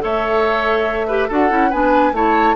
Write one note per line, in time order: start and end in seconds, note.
0.00 1.30 A3
0.00 1.06 A4
0.00 1.07 C#5
0.00 1.31 E5
1.07 1.29 G4
1.07 1.27 B4
1.27 1.50 D4
1.27 1.49 F#4
1.27 1.69 A4
1.27 1.71 F#5
1.49 1.72 C#4
1.49 1.70 E4
1.69 2.12 B3
1.69 2.13 D4
1.69 2.12 B4
1.69 2.14 G#5
2.12 2.54 A3
2.12 2.55 E4
2.12 2.55 C#5
2.12 2.55 A5